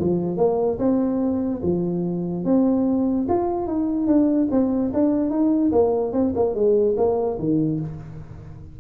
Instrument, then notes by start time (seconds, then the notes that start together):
tuba
0.00 F3
0.37 A#3
0.79 C4
1.63 F3
2.45 C4
3.29 F4
3.68 D#4
4.07 D4
4.51 C4
4.94 D4
5.31 D#4
5.72 A#3
6.13 C4
6.36 A#3
6.55 G#3
6.98 A#3
7.39 D#3